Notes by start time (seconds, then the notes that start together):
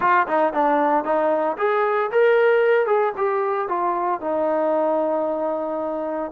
0.00 F4
0.27 D#4
0.53 D4
1.04 D#4
1.57 G#4
2.11 A#4
2.86 G#4
3.17 G4
3.68 F4
4.21 D#4